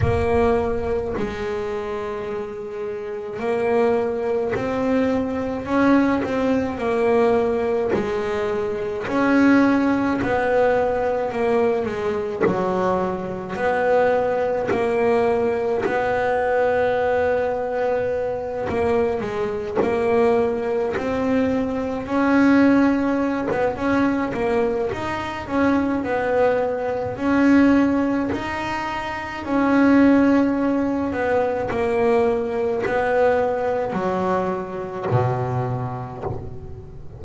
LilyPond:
\new Staff \with { instrumentName = "double bass" } { \time 4/4 \tempo 4 = 53 ais4 gis2 ais4 | c'4 cis'8 c'8 ais4 gis4 | cis'4 b4 ais8 gis8 fis4 | b4 ais4 b2~ |
b8 ais8 gis8 ais4 c'4 cis'8~ | cis'8. b16 cis'8 ais8 dis'8 cis'8 b4 | cis'4 dis'4 cis'4. b8 | ais4 b4 fis4 b,4 | }